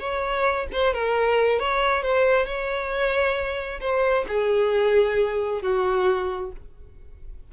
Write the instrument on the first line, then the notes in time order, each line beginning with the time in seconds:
violin
0.00 C#5
0.73 C5
0.94 A#4
1.60 C#5
2.03 C5
2.46 C#5
3.81 C5
4.28 G#4
5.62 F#4